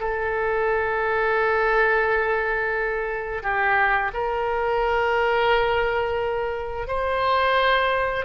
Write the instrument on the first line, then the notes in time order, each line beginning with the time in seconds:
oboe
0.00 A4
3.43 G4
4.13 A#4
6.87 C5